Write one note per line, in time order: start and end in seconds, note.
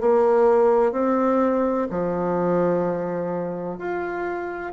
0.00 0.92 A#3
0.92 1.87 C4
1.90 3.78 F3
3.78 4.73 F4